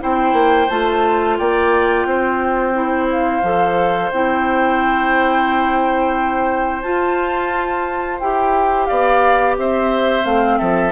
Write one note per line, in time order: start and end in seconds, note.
0.00 0.33 C4
0.00 0.68 E4
0.00 1.38 C5
0.00 0.69 G5
0.33 0.67 A#3
0.69 1.39 A3
0.69 2.74 F4
0.69 1.38 A5
1.38 2.05 A#3
1.38 2.07 D5
1.38 3.09 G5
2.05 3.42 C4
2.05 8.88 C5
2.74 3.43 E4
3.12 4.11 F5
3.43 4.11 F3
3.43 4.12 A4
4.11 6.85 C4
4.11 6.84 E4
4.11 6.82 G5
6.82 8.20 F4
6.82 8.21 F4
6.82 8.18 A5
8.20 8.89 E4
8.20 10.24 G4
8.20 8.87 G5
8.87 9.58 B3
8.87 9.56 D5
8.87 9.55 F5
9.58 10.25 C4
9.58 10.59 C5
9.58 10.26 E5
10.24 10.59 A3
10.24 10.92 C4
10.24 10.58 F5
10.58 10.92 F3
10.58 10.92 A4
10.58 10.92 E5